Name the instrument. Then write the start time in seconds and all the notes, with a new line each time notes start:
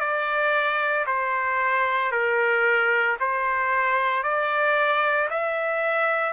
trumpet
0.00 D5
1.06 C5
2.11 A#4
3.20 C5
4.23 D5
5.30 E5